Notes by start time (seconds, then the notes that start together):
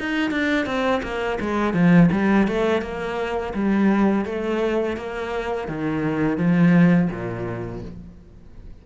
0.00 D#4
0.31 D4
0.66 C4
1.03 A#3
1.41 G#3
1.74 F3
2.12 G3
2.48 A3
2.82 A#3
3.54 G3
4.26 A3
4.97 A#3
5.68 D#3
6.38 F3
7.11 A#2